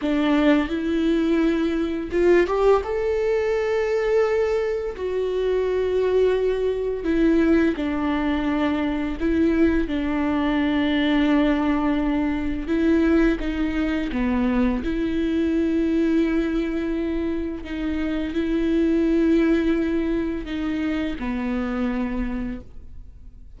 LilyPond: \new Staff \with { instrumentName = "viola" } { \time 4/4 \tempo 4 = 85 d'4 e'2 f'8 g'8 | a'2. fis'4~ | fis'2 e'4 d'4~ | d'4 e'4 d'2~ |
d'2 e'4 dis'4 | b4 e'2.~ | e'4 dis'4 e'2~ | e'4 dis'4 b2 | }